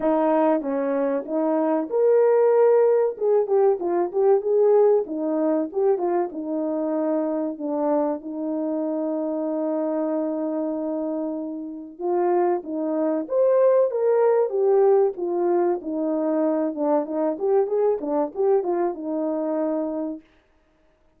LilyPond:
\new Staff \with { instrumentName = "horn" } { \time 4/4 \tempo 4 = 95 dis'4 cis'4 dis'4 ais'4~ | ais'4 gis'8 g'8 f'8 g'8 gis'4 | dis'4 g'8 f'8 dis'2 | d'4 dis'2.~ |
dis'2. f'4 | dis'4 c''4 ais'4 g'4 | f'4 dis'4. d'8 dis'8 g'8 | gis'8 d'8 g'8 f'8 dis'2 | }